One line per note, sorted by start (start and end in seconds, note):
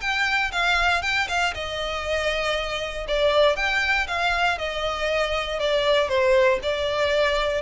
0.00 0.51 G5
0.52 1.02 F5
1.02 1.27 G5
1.28 1.53 F5
1.54 3.06 D#5
3.07 3.56 D5
3.56 4.07 G5
4.07 4.58 F5
4.58 5.59 D#5
5.59 6.08 D5
6.08 6.59 C5
6.62 7.61 D5